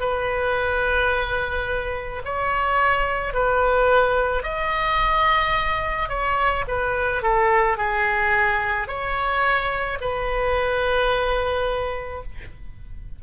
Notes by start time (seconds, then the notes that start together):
0.00 B4
2.25 C#5
3.33 B4
4.43 D#5
6.09 C#5
6.67 B4
7.22 A4
7.77 G#4
8.87 C#5
10.01 B4